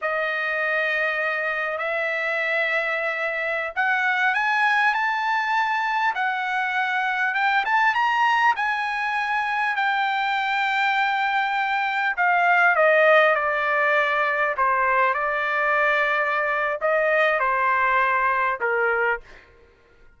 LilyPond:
\new Staff \with { instrumentName = "trumpet" } { \time 4/4 \tempo 4 = 100 dis''2. e''4~ | e''2~ e''16 fis''4 gis''8.~ | gis''16 a''2 fis''4.~ fis''16~ | fis''16 g''8 a''8 ais''4 gis''4.~ gis''16~ |
gis''16 g''2.~ g''8.~ | g''16 f''4 dis''4 d''4.~ d''16~ | d''16 c''4 d''2~ d''8. | dis''4 c''2 ais'4 | }